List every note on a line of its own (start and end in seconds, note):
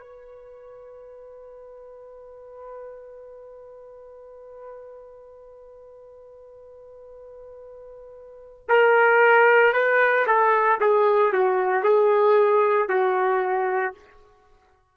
0.00 8.68 B4
8.69 9.74 A#4
9.74 10.26 B4
10.27 10.79 A4
10.81 11.33 G#4
11.33 11.84 F#4
11.84 12.89 G#4
12.89 13.95 F#4